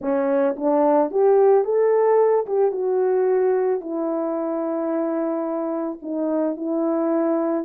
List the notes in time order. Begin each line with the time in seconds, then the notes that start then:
0.01 C#4
0.56 D4
1.10 G4
1.64 A4
2.46 G4
2.71 F#4
3.80 E4
6.01 D#4
6.56 E4